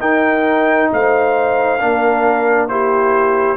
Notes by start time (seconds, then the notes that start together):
0.00 D#4 A#4 G5
0.93 A3 C5 F5
1.80 A#3 D4 A#4
2.69 E4 G4 C5